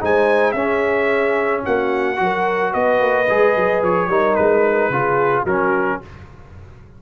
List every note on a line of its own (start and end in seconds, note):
0.00 0.53 G#3
0.00 0.55 D#4
0.00 0.53 C5
0.00 0.51 G#5
0.51 1.62 C#4
0.51 2.16 C#4
0.51 1.62 G#4
0.51 1.60 E5
1.63 2.19 A#3
1.63 2.17 F#4
1.63 2.73 F#5
2.16 2.74 F#3
2.16 3.25 F#4
2.22 2.72 A#4
2.72 3.00 B3
2.72 4.08 B4
2.72 3.82 D#5
3.00 3.27 A#3
3.28 3.56 G#3
3.28 4.10 G#4
3.56 3.82 F#3
3.82 4.07 F3
3.82 4.35 C#5
4.07 4.34 G3
4.07 4.92 D#4
4.07 4.90 A#4
4.35 4.89 G#3
4.35 5.44 B4
4.89 5.44 C#3
4.89 5.46 F4
4.89 5.42 G#4
5.42 6.00 F#3
5.42 6.02 C#4
5.42 5.97 F#4
5.42 6.01 A#4